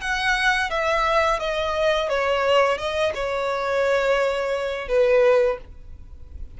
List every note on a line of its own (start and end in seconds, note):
0.00 0.70 F#5
0.70 1.39 E5
1.39 2.09 D#5
2.09 2.77 C#5
2.77 3.12 D#5
3.14 4.88 C#5
4.88 5.58 B4